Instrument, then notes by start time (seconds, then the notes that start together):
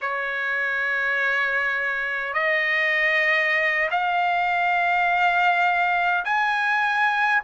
trumpet
0.01 C#5
2.33 D#5
3.90 F5
6.24 G#5